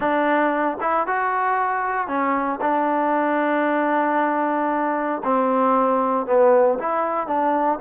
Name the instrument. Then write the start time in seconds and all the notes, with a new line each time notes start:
trombone
0.00 D4
0.81 E4
1.06 F#4
2.07 C#4
2.61 D4
5.23 C4
6.26 B3
6.79 E4
7.27 D4